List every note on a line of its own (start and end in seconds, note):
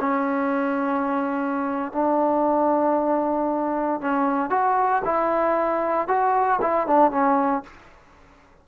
0.00 1.92 C#4
1.92 4.01 D4
4.01 4.50 C#4
4.50 5.02 F#4
5.05 6.08 E4
6.08 6.60 F#4
6.61 6.87 E4
6.87 7.11 D4
7.11 7.63 C#4